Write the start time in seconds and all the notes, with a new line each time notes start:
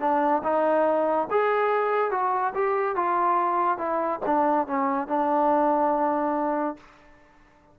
0.00 D4
0.44 D#4
1.31 G#4
2.11 F#4
2.55 G4
2.96 F4
3.78 E4
4.26 D4
4.67 C#4
5.08 D4